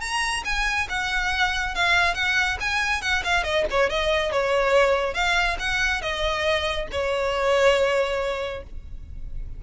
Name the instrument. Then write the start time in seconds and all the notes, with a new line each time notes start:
violin
0.00 A#5
0.44 G#5
0.89 F#5
1.75 F5
2.14 F#5
2.60 G#5
3.01 F#5
3.24 F5
3.43 D#5
3.70 C#5
3.89 D#5
4.31 C#5
5.14 F5
5.59 F#5
6.01 D#5
6.91 C#5